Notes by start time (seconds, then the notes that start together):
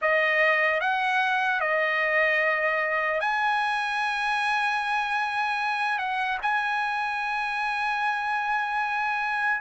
0.01 D#5
0.80 F#5
1.60 D#5
3.20 G#5
5.98 F#5
6.42 G#5